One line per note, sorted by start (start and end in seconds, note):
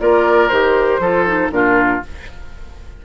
0.00 0.51 A#3
0.00 0.50 F4
0.00 1.01 A#4
0.00 0.49 D5
0.49 0.99 D#3
0.49 1.01 G4
0.49 1.49 C5
0.99 1.49 F3
0.99 1.26 F4
0.99 1.51 A4
1.26 1.51 D#4
1.51 2.01 A#2
1.51 2.01 D4
1.51 2.05 F4
1.51 2.02 A#4